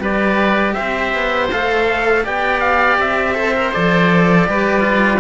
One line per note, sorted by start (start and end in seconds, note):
0.00 0.74 G3
0.00 1.49 G4
0.00 0.74 B4
0.00 0.74 D5
0.74 2.22 C5
0.74 1.48 E5
0.80 1.14 C4
1.14 1.51 B3
1.52 2.26 A3
1.52 2.24 A4
1.52 2.26 F5
2.24 2.98 B3
2.24 3.35 G4
2.24 3.35 D5
2.24 2.60 G5
2.60 2.97 F5
2.98 3.72 C4
2.98 3.73 E5
3.35 3.53 A4
3.35 4.49 C5
3.54 3.72 A#4
3.73 4.48 F3
3.73 4.47 A4
3.73 5.20 D5
4.47 5.20 G3
4.47 4.80 G4
4.47 5.20 B4
4.80 5.17 F4